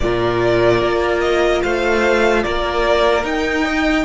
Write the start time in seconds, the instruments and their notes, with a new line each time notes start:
0.00 cello A#2, viola F4, violin A#4 D5
0.81 cello A#3
1.20 violin D#5
1.61 cello A3, violin C5 F5
2.43 cello A#3, violin A#4 D5
3.22 viola D#4, cello D#4, violin G5
3.64 violin D#5